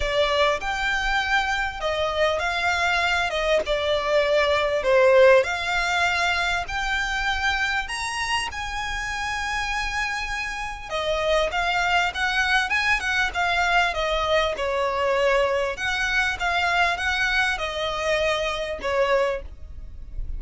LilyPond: \new Staff \with { instrumentName = "violin" } { \time 4/4 \tempo 4 = 99 d''4 g''2 dis''4 | f''4. dis''8 d''2 | c''4 f''2 g''4~ | g''4 ais''4 gis''2~ |
gis''2 dis''4 f''4 | fis''4 gis''8 fis''8 f''4 dis''4 | cis''2 fis''4 f''4 | fis''4 dis''2 cis''4 | }